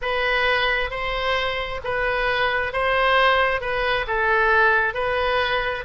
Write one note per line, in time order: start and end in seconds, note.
0.01 0.90 B4
0.90 1.80 C5
1.84 2.72 B4
2.72 3.60 C5
3.60 4.05 B4
4.07 4.94 A4
4.94 5.84 B4